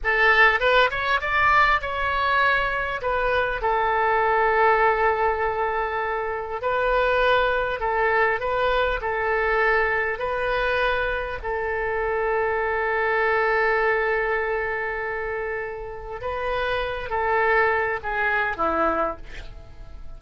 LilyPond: \new Staff \with { instrumentName = "oboe" } { \time 4/4 \tempo 4 = 100 a'4 b'8 cis''8 d''4 cis''4~ | cis''4 b'4 a'2~ | a'2. b'4~ | b'4 a'4 b'4 a'4~ |
a'4 b'2 a'4~ | a'1~ | a'2. b'4~ | b'8 a'4. gis'4 e'4 | }